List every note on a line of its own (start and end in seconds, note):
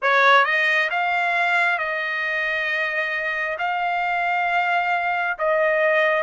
0.02 0.45 C#5
0.45 0.90 D#5
0.90 1.78 F5
1.78 3.57 D#5
3.58 5.37 F5
5.38 6.23 D#5